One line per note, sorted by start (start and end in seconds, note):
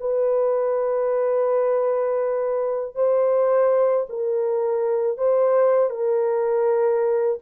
0.00 2.95 B4
2.95 4.06 C5
4.09 5.18 A#4
5.18 5.90 C5
5.90 7.38 A#4